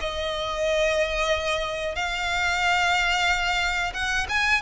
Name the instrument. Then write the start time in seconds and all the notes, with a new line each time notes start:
violin
0.00 D#5
1.95 F5
3.94 F#5
4.29 G#5